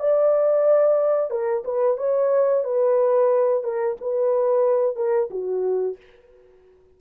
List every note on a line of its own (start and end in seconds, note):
0.00 1.31 D5
1.31 1.64 A#4
1.65 1.98 B4
1.98 2.64 C#5
2.64 3.64 B4
3.64 3.97 A#4
4.02 4.96 B4
4.96 5.30 A#4
5.31 5.97 F#4